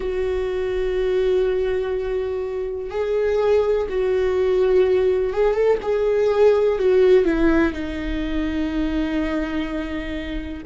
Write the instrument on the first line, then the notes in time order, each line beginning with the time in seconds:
viola
0.00 F#4
2.90 G#4
3.89 F#4
5.33 G#4
5.53 A4
5.82 G#4
6.78 F#4
7.24 E4
7.72 D#4